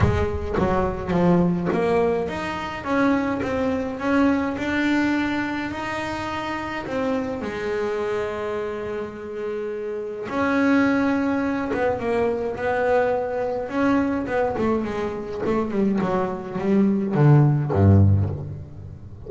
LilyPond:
\new Staff \with { instrumentName = "double bass" } { \time 4/4 \tempo 4 = 105 gis4 fis4 f4 ais4 | dis'4 cis'4 c'4 cis'4 | d'2 dis'2 | c'4 gis2.~ |
gis2 cis'2~ | cis'8 b8 ais4 b2 | cis'4 b8 a8 gis4 a8 g8 | fis4 g4 d4 g,4 | }